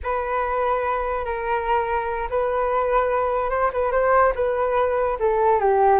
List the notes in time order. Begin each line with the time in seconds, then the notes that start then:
0.03 B4
1.25 A#4
2.29 B4
3.50 C5
3.72 B4
3.91 C5
4.35 B4
5.19 A4
5.59 G4